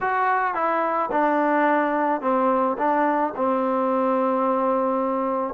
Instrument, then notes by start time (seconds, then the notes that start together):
trombone
0.01 F#4
0.54 E4
1.11 D4
2.21 C4
2.78 D4
3.36 C4